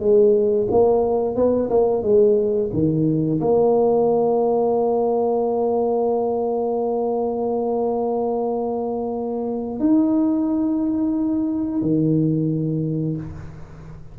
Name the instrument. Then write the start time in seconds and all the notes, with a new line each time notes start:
tuba
0.00 G#3
0.71 A#3
1.36 B3
1.70 A#3
2.03 G#3
2.73 D#3
3.41 A#3
9.80 D#4
11.82 D#3